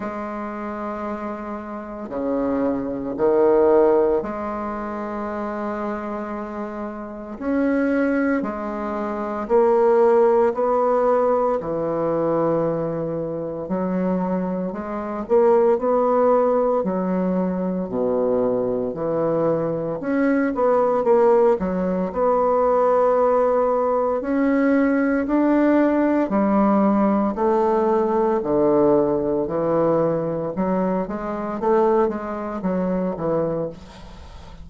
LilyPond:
\new Staff \with { instrumentName = "bassoon" } { \time 4/4 \tempo 4 = 57 gis2 cis4 dis4 | gis2. cis'4 | gis4 ais4 b4 e4~ | e4 fis4 gis8 ais8 b4 |
fis4 b,4 e4 cis'8 b8 | ais8 fis8 b2 cis'4 | d'4 g4 a4 d4 | e4 fis8 gis8 a8 gis8 fis8 e8 | }